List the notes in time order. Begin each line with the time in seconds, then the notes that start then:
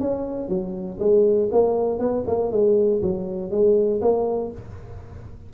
0.00 C#4
0.49 F#3
0.99 G#3
1.52 A#3
1.99 B3
2.27 A#3
2.51 G#3
3.01 F#3
3.51 G#3
4.01 A#3